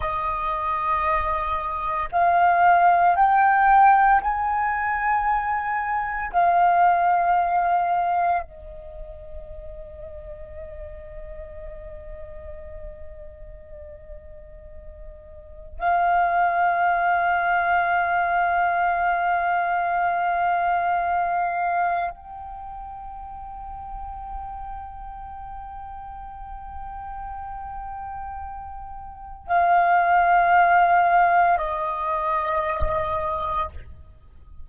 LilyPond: \new Staff \with { instrumentName = "flute" } { \time 4/4 \tempo 4 = 57 dis''2 f''4 g''4 | gis''2 f''2 | dis''1~ | dis''2. f''4~ |
f''1~ | f''4 g''2.~ | g''1 | f''2 dis''2 | }